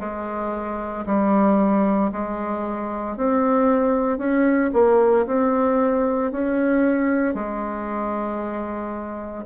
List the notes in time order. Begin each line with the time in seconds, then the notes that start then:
0.00 G#3
1.06 G3
2.12 G#3
3.17 C4
4.19 C#4
4.74 A#3
5.27 C4
6.32 C#4
7.35 G#3